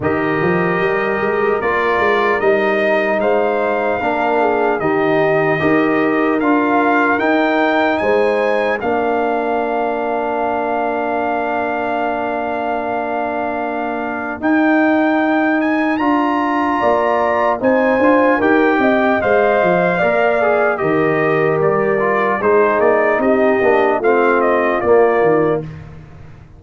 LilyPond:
<<
  \new Staff \with { instrumentName = "trumpet" } { \time 4/4 \tempo 4 = 75 dis''2 d''4 dis''4 | f''2 dis''2 | f''4 g''4 gis''4 f''4~ | f''1~ |
f''2 g''4. gis''8 | ais''2 gis''4 g''4 | f''2 dis''4 d''4 | c''8 d''8 dis''4 f''8 dis''8 d''4 | }
  \new Staff \with { instrumentName = "horn" } { \time 4/4 ais'1 | c''4 ais'8 gis'8 g'4 ais'4~ | ais'2 c''4 ais'4~ | ais'1~ |
ais'1~ | ais'4 d''4 c''4 ais'8 dis''8~ | dis''4 d''4 ais'2 | gis'4 g'4 f'2 | }
  \new Staff \with { instrumentName = "trombone" } { \time 4/4 g'2 f'4 dis'4~ | dis'4 d'4 dis'4 g'4 | f'4 dis'2 d'4~ | d'1~ |
d'2 dis'2 | f'2 dis'8 f'8 g'4 | c''4 ais'8 gis'8 g'4. f'8 | dis'4. d'8 c'4 ais4 | }
  \new Staff \with { instrumentName = "tuba" } { \time 4/4 dis8 f8 g8 gis8 ais8 gis8 g4 | gis4 ais4 dis4 dis'4 | d'4 dis'4 gis4 ais4~ | ais1~ |
ais2 dis'2 | d'4 ais4 c'8 d'8 dis'8 c'8 | gis8 f8 ais4 dis4 g4 | gis8 ais8 c'8 ais8 a4 ais8 dis8 | }
>>